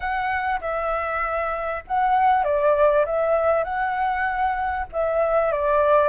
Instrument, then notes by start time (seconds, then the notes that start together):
flute
0.00 F#5
0.60 E5
1.87 F#5
2.44 D5
3.05 E5
3.64 F#5
4.92 E5
5.52 D5